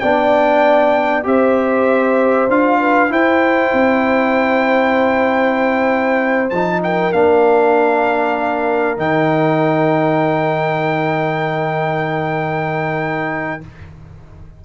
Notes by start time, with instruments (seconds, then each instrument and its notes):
0.00 tuba B3, trombone D4, horn D5, trumpet G5
1.24 tuba C4, trombone G4, horn C5, trumpet E5
2.49 tuba D4, trombone F4, trumpet F5
2.81 horn B4
3.09 trombone E4, tuba E4, horn C5, trumpet G5
3.73 tuba C4
6.50 tuba F3, trombone D#4, trumpet A5
6.84 horn A#4, trumpet G5
7.13 tuba A#3, trombone D4, trumpet F5
8.98 tuba D#3, trombone D#4, trumpet G5